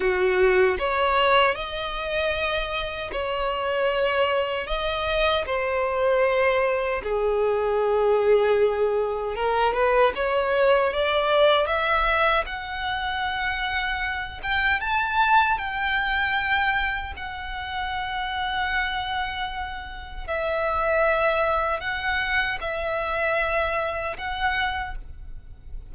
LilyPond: \new Staff \with { instrumentName = "violin" } { \time 4/4 \tempo 4 = 77 fis'4 cis''4 dis''2 | cis''2 dis''4 c''4~ | c''4 gis'2. | ais'8 b'8 cis''4 d''4 e''4 |
fis''2~ fis''8 g''8 a''4 | g''2 fis''2~ | fis''2 e''2 | fis''4 e''2 fis''4 | }